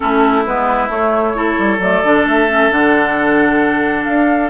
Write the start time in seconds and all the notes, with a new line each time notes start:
0.00 A3 C#4 E4 A4
0.45 G#3 B3 B4
0.88 A3 C#5
1.34 E4 A4
1.58 G3
1.79 F#3 A3 D5
2.03 D3 D4
2.25 A3 E5
2.48 C#4
2.70 D3 D4 F#5
4.04 D4 F5